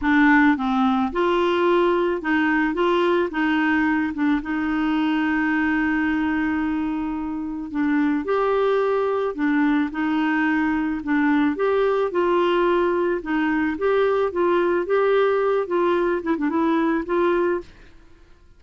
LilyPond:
\new Staff \with { instrumentName = "clarinet" } { \time 4/4 \tempo 4 = 109 d'4 c'4 f'2 | dis'4 f'4 dis'4. d'8 | dis'1~ | dis'2 d'4 g'4~ |
g'4 d'4 dis'2 | d'4 g'4 f'2 | dis'4 g'4 f'4 g'4~ | g'8 f'4 e'16 d'16 e'4 f'4 | }